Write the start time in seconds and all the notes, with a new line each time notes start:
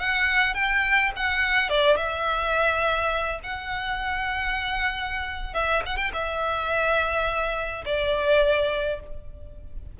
0.00 F#5
0.54 G5
1.16 F#5
1.69 D5
1.97 E5
3.43 F#5
5.54 E5
5.86 F#5
5.97 G5
6.13 E5
7.85 D5